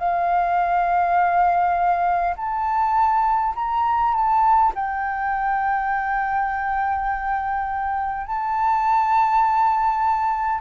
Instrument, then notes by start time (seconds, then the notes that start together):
flute
0.00 F5
2.37 A5
3.56 A#5
4.14 A5
4.75 G5
8.27 A5